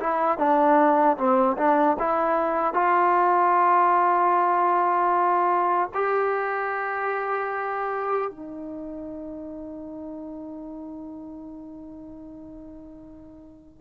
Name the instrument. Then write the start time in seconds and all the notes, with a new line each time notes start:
trombone
0.00 E4
0.38 D4
1.17 C4
1.58 D4
1.99 E4
2.74 F4
5.94 G4
8.31 D#4